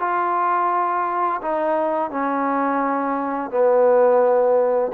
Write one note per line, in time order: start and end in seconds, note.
0.00 1.41 F4
1.42 2.11 D#4
2.11 3.50 C#4
3.50 4.92 B3